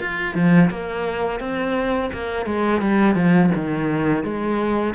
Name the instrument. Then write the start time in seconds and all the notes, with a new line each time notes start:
cello
0.00 F4
0.35 F3
0.71 A#3
1.41 C4
2.14 A#3
2.46 G#3
2.82 G3
3.16 F3
3.55 D#3
4.24 G#3